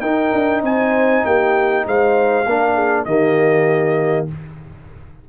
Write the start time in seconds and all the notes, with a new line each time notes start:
0.00 D#4 A#4 G5
0.32 D4
0.62 C4 C5 G#5
1.25 A#3 G4 G5
1.86 G#3 C5 F5
2.45 A#3 D4 A#4
2.74 G#4
3.05 D#3 A#3 G4 D#5